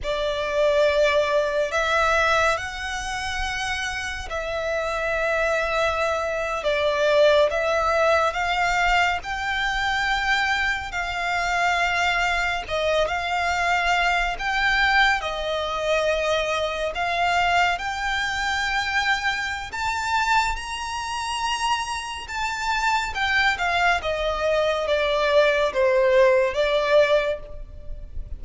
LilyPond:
\new Staff \with { instrumentName = "violin" } { \time 4/4 \tempo 4 = 70 d''2 e''4 fis''4~ | fis''4 e''2~ e''8. d''16~ | d''8. e''4 f''4 g''4~ g''16~ | g''8. f''2 dis''8 f''8.~ |
f''8. g''4 dis''2 f''16~ | f''8. g''2~ g''16 a''4 | ais''2 a''4 g''8 f''8 | dis''4 d''4 c''4 d''4 | }